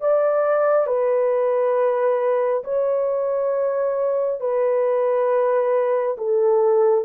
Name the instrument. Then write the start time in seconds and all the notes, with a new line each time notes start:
horn
0.00 D5
0.87 B4
2.64 C#5
4.40 B4
6.17 A4